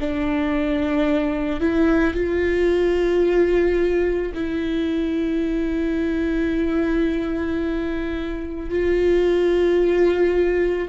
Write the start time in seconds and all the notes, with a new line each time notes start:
0.00 D4
1.60 E4
2.14 F4
4.34 E4
8.70 F4